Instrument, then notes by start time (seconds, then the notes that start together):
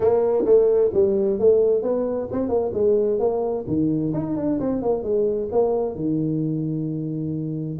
tuba
0.00 A#3
0.45 A3
0.93 G3
1.39 A3
1.82 B3
2.31 C4
2.48 A#3
2.73 G#3
3.19 A#3
3.67 D#3
4.13 D#4
4.36 D4
4.60 C4
4.82 A#3
5.03 G#3
5.51 A#3
5.95 D#3